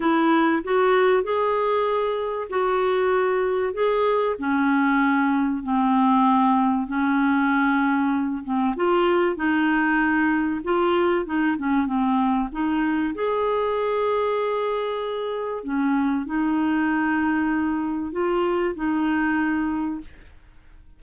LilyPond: \new Staff \with { instrumentName = "clarinet" } { \time 4/4 \tempo 4 = 96 e'4 fis'4 gis'2 | fis'2 gis'4 cis'4~ | cis'4 c'2 cis'4~ | cis'4. c'8 f'4 dis'4~ |
dis'4 f'4 dis'8 cis'8 c'4 | dis'4 gis'2.~ | gis'4 cis'4 dis'2~ | dis'4 f'4 dis'2 | }